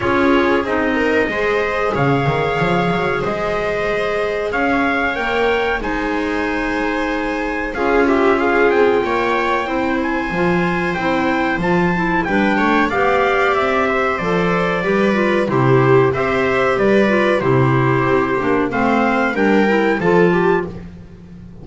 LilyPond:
<<
  \new Staff \with { instrumentName = "trumpet" } { \time 4/4 \tempo 4 = 93 cis''4 dis''2 f''4~ | f''4 dis''2 f''4 | g''4 gis''2. | f''8 e''8 f''8 g''2 gis''8~ |
gis''4 g''4 a''4 g''4 | f''4 e''4 d''2 | c''4 e''4 d''4 c''4~ | c''4 f''4 g''4 a''4 | }
  \new Staff \with { instrumentName = "viola" } { \time 4/4 gis'4. ais'8 c''4 cis''4~ | cis''4 c''2 cis''4~ | cis''4 c''2. | gis'8 g'8 gis'4 cis''4 c''4~ |
c''2. b'8 cis''8 | d''4. c''4. b'4 | g'4 c''4 b'4 g'4~ | g'4 c''4 ais'4 a'8 g'8 | }
  \new Staff \with { instrumentName = "clarinet" } { \time 4/4 f'4 dis'4 gis'2~ | gis'1 | ais'4 dis'2. | f'2. e'4 |
f'4 e'4 f'8 e'8 d'4 | g'2 a'4 g'8 f'8 | e'4 g'4. f'8 e'4~ | e'8 d'8 c'4 d'8 e'8 f'4 | }
  \new Staff \with { instrumentName = "double bass" } { \time 4/4 cis'4 c'4 gis4 cis8 dis8 | f8 fis8 gis2 cis'4 | ais4 gis2. | cis'4. c'8 ais4 c'4 |
f4 c'4 f4 g8 a8 | b4 c'4 f4 g4 | c4 c'4 g4 c4 | c'8 ais8 a4 g4 f4 | }
>>